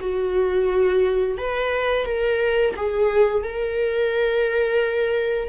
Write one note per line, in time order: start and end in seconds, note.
0.00 1.38 F#4
1.38 2.05 B4
2.05 2.74 A#4
2.76 3.43 G#4
3.43 5.48 A#4